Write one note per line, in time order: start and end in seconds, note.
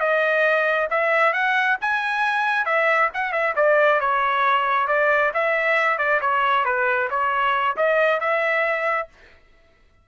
0.00 0.88 D#5
0.90 1.33 E5
1.33 1.77 F#5
1.81 2.66 G#5
2.66 3.10 E5
3.14 3.32 F#5
3.32 3.55 E5
3.56 4.00 D5
4.00 4.88 C#5
4.88 5.32 D5
5.34 5.98 E5
5.98 6.20 D5
6.21 6.65 C#5
6.65 7.09 B4
7.10 7.77 C#5
7.77 8.20 D#5
8.20 9.09 E5